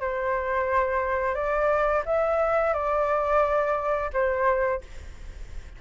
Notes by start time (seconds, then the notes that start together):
0.00 C5
1.35 D5
2.05 E5
2.73 D5
4.13 C5